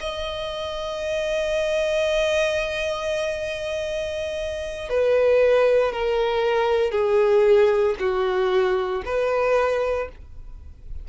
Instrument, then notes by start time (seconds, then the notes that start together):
violin
0.00 D#5
4.89 B4
5.92 A#4
6.92 G#4
7.99 F#4
9.05 B4